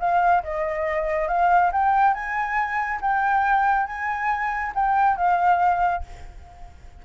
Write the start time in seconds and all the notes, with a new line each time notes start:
0.00 F5
0.44 D#5
1.28 F5
1.72 G5
2.14 G#5
3.02 G5
3.87 G#5
4.75 G5
5.17 F5